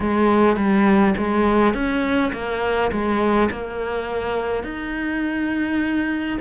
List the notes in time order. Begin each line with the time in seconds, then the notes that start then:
0.00 G#3
0.56 G3
1.17 G#3
1.73 C#4
2.32 A#3
2.91 G#3
3.51 A#3
4.63 D#4